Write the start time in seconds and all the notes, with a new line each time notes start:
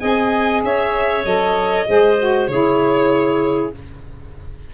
0.00 C4 G#4 D#5 G#5
0.64 C#4 C#5 E5
1.25 F#3 A4 D#5
1.87 G#3 G#4 C5
2.19 F#4
2.47 C#3 E4 G#4 C#5